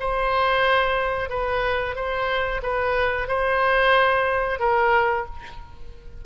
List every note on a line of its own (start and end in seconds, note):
0.00 1.30 C5
1.30 1.96 B4
1.96 2.62 C5
2.63 3.28 B4
3.28 4.60 C5
4.60 5.26 A#4